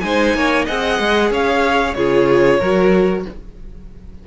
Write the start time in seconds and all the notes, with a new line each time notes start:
0.00 G#3 D#4 C5 G#5
0.34 A#3 C#5
0.65 C4 G#4 D#5 F#5
0.99 G#3
1.30 C#4 C#5 F5
1.94 C#3 F4 G#4 C#5
2.59 F#3 F#4 A#4